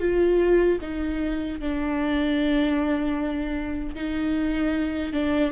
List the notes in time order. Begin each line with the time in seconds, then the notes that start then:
0.00 F4
0.81 D#4
1.60 D4
3.95 D#4
5.13 D4